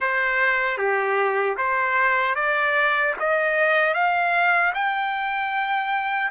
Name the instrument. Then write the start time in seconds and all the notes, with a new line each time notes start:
trumpet
0.00 C5
0.77 G4
1.57 C5
2.35 D5
3.19 D#5
3.94 F5
4.74 G5